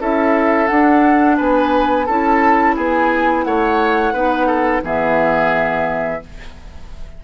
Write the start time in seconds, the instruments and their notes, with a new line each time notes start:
0.00 bassoon C#4, clarinet E4, oboe A4, flute E5
0.67 clarinet D4, bassoon D4, flute F#5
1.37 bassoon B3, oboe B4, flute G#5
2.06 bassoon C#4, clarinet E4, oboe A4, flute A5
2.76 bassoon B3, oboe G#4, flute G#5
3.44 bassoon A3, oboe C#5, flute F#5
4.13 bassoon B3, clarinet D#4, oboe B4
4.47 oboe A4
4.83 bassoon E3, clarinet B3, oboe G#4, flute E5